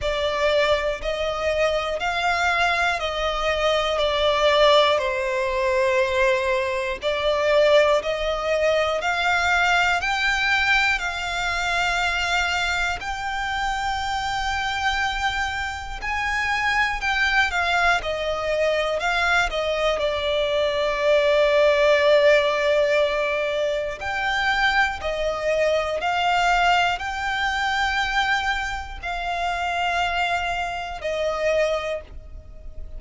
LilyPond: \new Staff \with { instrumentName = "violin" } { \time 4/4 \tempo 4 = 60 d''4 dis''4 f''4 dis''4 | d''4 c''2 d''4 | dis''4 f''4 g''4 f''4~ | f''4 g''2. |
gis''4 g''8 f''8 dis''4 f''8 dis''8 | d''1 | g''4 dis''4 f''4 g''4~ | g''4 f''2 dis''4 | }